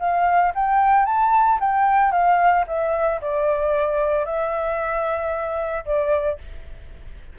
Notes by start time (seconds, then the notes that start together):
0.00 F5
0.55 G5
1.06 A5
1.60 G5
2.12 F5
2.68 E5
3.21 D5
4.26 E5
5.86 D5